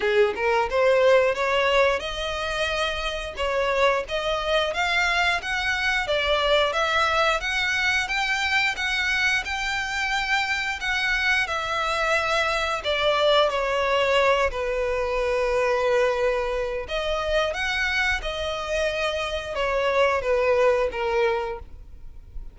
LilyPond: \new Staff \with { instrumentName = "violin" } { \time 4/4 \tempo 4 = 89 gis'8 ais'8 c''4 cis''4 dis''4~ | dis''4 cis''4 dis''4 f''4 | fis''4 d''4 e''4 fis''4 | g''4 fis''4 g''2 |
fis''4 e''2 d''4 | cis''4. b'2~ b'8~ | b'4 dis''4 fis''4 dis''4~ | dis''4 cis''4 b'4 ais'4 | }